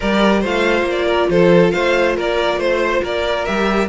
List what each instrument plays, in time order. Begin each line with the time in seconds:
0.00 cello G3, viola G4, violin A#4 D5
0.40 cello A3, viola F4, violin C5 F5
0.82 cello A#3
0.90 violin D5
1.06 violin A#4
1.29 cello F3, violin A4 C5
1.71 cello A3, violin C5 F5
2.16 cello A#3, violin A#4 D5
2.56 cello A3, violin C5
3.02 cello A#3, violin A#4 D5
3.45 cello G3, viola G4, violin E5